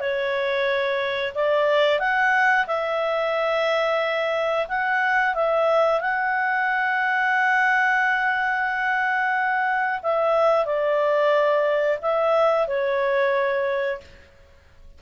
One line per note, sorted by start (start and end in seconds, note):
0.00 1.33 C#5
1.35 1.99 D5
1.99 2.66 F#5
2.67 4.67 E5
4.68 5.35 F#5
5.35 6.01 E5
6.01 10.01 F#5
10.03 10.66 E5
10.66 11.99 D5
12.02 12.68 E5
12.68 14.01 C#5